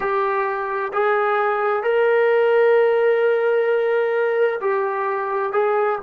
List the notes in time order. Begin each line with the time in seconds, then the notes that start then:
0.00 G4
0.93 G#4
1.83 A#4
4.61 G4
5.52 G#4